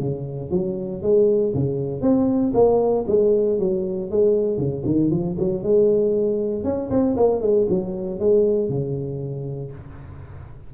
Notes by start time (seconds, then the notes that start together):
0.00 C#3
0.51 F#3
1.02 G#3
1.54 C#3
2.02 C4
2.54 A#3
3.08 G#3
3.59 F#3
4.10 G#3
4.58 C#3
4.86 D#3
5.11 F3
5.39 F#3
5.63 G#3
6.64 C#4
6.90 C4
7.17 A#3
7.41 G#3
7.69 F#3
8.19 G#3
8.69 C#3